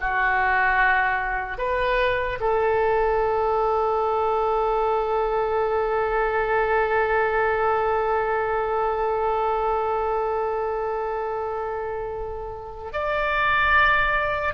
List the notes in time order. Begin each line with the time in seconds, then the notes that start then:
0.00 F#4
1.57 B4
2.40 A4
12.93 D5